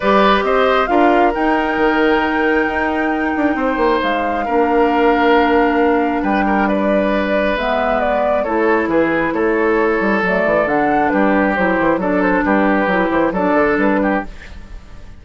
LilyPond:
<<
  \new Staff \with { instrumentName = "flute" } { \time 4/4 \tempo 4 = 135 d''4 dis''4 f''4 g''4~ | g''1~ | g''4 f''2.~ | f''2 g''4 d''4~ |
d''4 e''4 d''4 cis''4 | b'4 cis''2 d''4 | fis''4 b'4 c''4 d''8 c''8 | b'4. c''8 d''4 b'4 | }
  \new Staff \with { instrumentName = "oboe" } { \time 4/4 b'4 c''4 ais'2~ | ais'1 | c''2 ais'2~ | ais'2 b'8 ais'8 b'4~ |
b'2. a'4 | gis'4 a'2.~ | a'4 g'2 a'4 | g'2 a'4. g'8 | }
  \new Staff \with { instrumentName = "clarinet" } { \time 4/4 g'2 f'4 dis'4~ | dis'1~ | dis'2 d'2~ | d'1~ |
d'4 b2 e'4~ | e'2. a4 | d'2 e'4 d'4~ | d'4 e'4 d'2 | }
  \new Staff \with { instrumentName = "bassoon" } { \time 4/4 g4 c'4 d'4 dis'4 | dis2 dis'4. d'8 | c'8 ais8 gis4 ais2~ | ais2 g2~ |
g4 gis2 a4 | e4 a4. g8 fis8 e8 | d4 g4 fis8 e8 fis4 | g4 fis8 e8 fis8 d8 g4 | }
>>